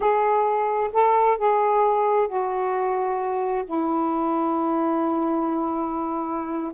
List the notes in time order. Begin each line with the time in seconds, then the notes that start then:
0.00 G#4
0.93 A4
1.37 G#4
2.28 F#4
3.65 E4